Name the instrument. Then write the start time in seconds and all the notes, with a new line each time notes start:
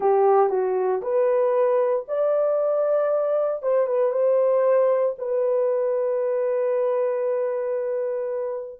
horn
0.00 G4
0.49 F#4
1.02 B4
2.08 D5
3.62 C5
3.87 B4
4.11 C5
5.18 B4